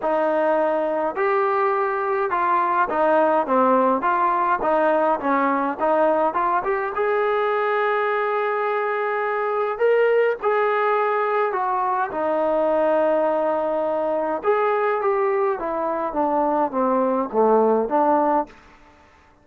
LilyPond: \new Staff \with { instrumentName = "trombone" } { \time 4/4 \tempo 4 = 104 dis'2 g'2 | f'4 dis'4 c'4 f'4 | dis'4 cis'4 dis'4 f'8 g'8 | gis'1~ |
gis'4 ais'4 gis'2 | fis'4 dis'2.~ | dis'4 gis'4 g'4 e'4 | d'4 c'4 a4 d'4 | }